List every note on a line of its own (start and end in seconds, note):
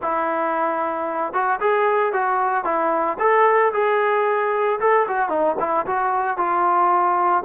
0.02 1.33 E4
1.33 1.59 F#4
1.60 2.12 G#4
2.12 2.64 F#4
2.64 3.17 E4
3.19 3.72 A4
3.73 4.79 G#4
4.80 5.06 A4
5.08 5.29 F#4
5.29 5.55 D#4
5.59 5.86 E4
5.86 6.37 F#4
6.37 7.43 F4